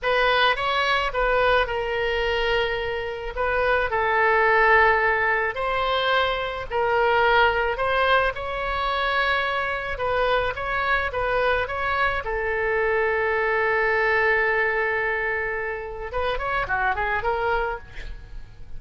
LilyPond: \new Staff \with { instrumentName = "oboe" } { \time 4/4 \tempo 4 = 108 b'4 cis''4 b'4 ais'4~ | ais'2 b'4 a'4~ | a'2 c''2 | ais'2 c''4 cis''4~ |
cis''2 b'4 cis''4 | b'4 cis''4 a'2~ | a'1~ | a'4 b'8 cis''8 fis'8 gis'8 ais'4 | }